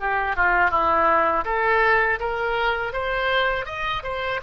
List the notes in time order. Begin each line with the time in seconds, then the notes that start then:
0.00 G4
0.36 F4
0.70 E4
1.45 A4
2.20 A#4
2.93 C5
3.66 D#5
4.03 C5